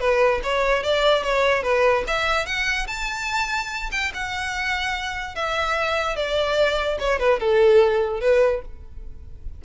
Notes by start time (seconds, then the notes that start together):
0.00 B4
0.43 C#5
0.83 D5
1.23 C#5
1.63 B4
2.08 E5
2.46 F#5
2.87 A5
3.92 G5
4.15 F#5
5.35 E5
6.16 D5
7.00 C#5
7.19 B4
7.40 A4
8.21 B4